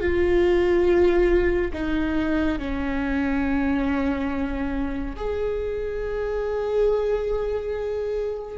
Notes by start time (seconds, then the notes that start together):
0.00 F4
1.73 D#4
2.58 C#4
5.16 G#4